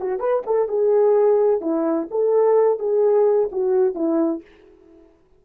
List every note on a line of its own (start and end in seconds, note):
0.00 0.20 F#4
0.20 0.43 B4
0.46 0.68 A4
0.68 1.61 G#4
1.61 2.08 E4
2.11 2.79 A4
2.79 3.50 G#4
3.52 3.95 F#4
3.95 4.42 E4